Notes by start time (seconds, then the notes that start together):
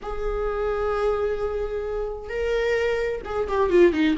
0.02 G#4
2.29 A#4
3.24 G#4
3.47 G4
3.70 F4
3.92 D#4